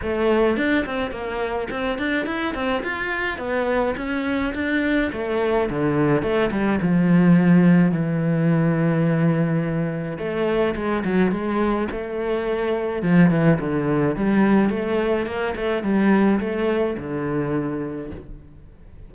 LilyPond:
\new Staff \with { instrumentName = "cello" } { \time 4/4 \tempo 4 = 106 a4 d'8 c'8 ais4 c'8 d'8 | e'8 c'8 f'4 b4 cis'4 | d'4 a4 d4 a8 g8 | f2 e2~ |
e2 a4 gis8 fis8 | gis4 a2 f8 e8 | d4 g4 a4 ais8 a8 | g4 a4 d2 | }